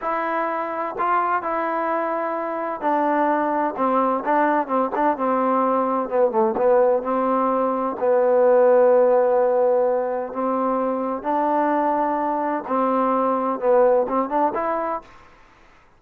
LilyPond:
\new Staff \with { instrumentName = "trombone" } { \time 4/4 \tempo 4 = 128 e'2 f'4 e'4~ | e'2 d'2 | c'4 d'4 c'8 d'8 c'4~ | c'4 b8 a8 b4 c'4~ |
c'4 b2.~ | b2 c'2 | d'2. c'4~ | c'4 b4 c'8 d'8 e'4 | }